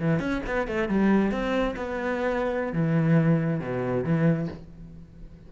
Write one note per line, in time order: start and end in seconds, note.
0.00 0.19 E3
0.19 0.41 C#4
0.46 0.67 B3
0.67 0.88 A3
0.88 1.31 G3
1.31 1.75 C4
1.76 2.73 B3
2.73 3.60 E3
3.60 4.04 B2
4.04 4.48 E3